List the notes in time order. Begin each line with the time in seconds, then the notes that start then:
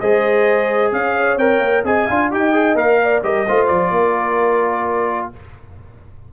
0.00 G#3 G#4 C5 D#5
0.92 C#4 C#5 F5
1.37 C4 A#4 G5
1.60 A#3
1.85 C4 G#4 D#5 G#5
2.07 D4 F4 F5
2.32 D#4 G4 D#5 G5
2.53 G#4
2.76 A#3 A#4 F5
3.03 D5
3.24 G3 G4 A#4 D#5
3.47 A3 F4 C5
3.67 F3 D5
3.91 A#3 A#4